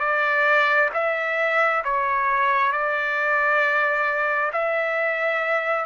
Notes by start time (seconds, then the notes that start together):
0.00 D5
0.94 E5
1.84 C#5
2.72 D5
4.53 E5